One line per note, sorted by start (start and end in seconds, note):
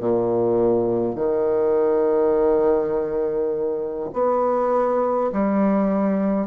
0.00 1.15 A#2
1.15 4.09 D#3
4.13 5.30 B3
5.33 6.47 G3